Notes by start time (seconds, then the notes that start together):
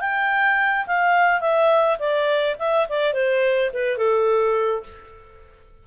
0.00 G5
0.86 F5
1.41 E5
1.99 D5
2.59 E5
2.89 D5
3.13 C5
3.73 B4
3.97 A4